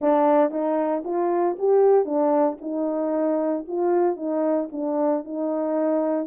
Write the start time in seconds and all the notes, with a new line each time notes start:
0.01 D4
0.51 D#4
1.04 F4
1.58 G4
2.05 D4
2.61 D#4
3.67 F4
4.16 D#4
4.72 D4
5.24 D#4